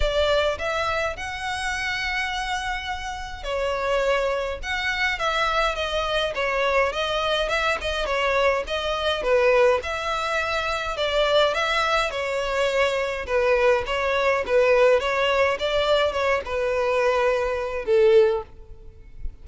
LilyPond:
\new Staff \with { instrumentName = "violin" } { \time 4/4 \tempo 4 = 104 d''4 e''4 fis''2~ | fis''2 cis''2 | fis''4 e''4 dis''4 cis''4 | dis''4 e''8 dis''8 cis''4 dis''4 |
b'4 e''2 d''4 | e''4 cis''2 b'4 | cis''4 b'4 cis''4 d''4 | cis''8 b'2~ b'8 a'4 | }